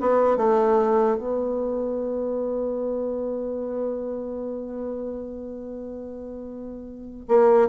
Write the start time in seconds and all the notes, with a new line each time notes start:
0.00 B3
0.37 A3
1.17 B3
7.28 A#3